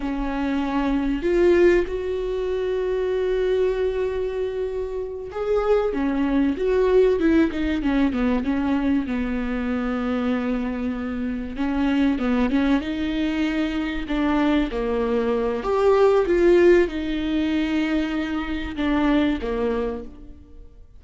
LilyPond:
\new Staff \with { instrumentName = "viola" } { \time 4/4 \tempo 4 = 96 cis'2 f'4 fis'4~ | fis'1~ | fis'8 gis'4 cis'4 fis'4 e'8 | dis'8 cis'8 b8 cis'4 b4.~ |
b2~ b8 cis'4 b8 | cis'8 dis'2 d'4 ais8~ | ais4 g'4 f'4 dis'4~ | dis'2 d'4 ais4 | }